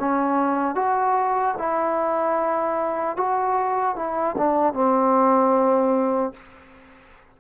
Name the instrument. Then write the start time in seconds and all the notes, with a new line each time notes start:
trombone
0.00 C#4
0.75 F#4
1.59 E4
3.17 F#4
3.96 E4
4.38 D4
4.74 C4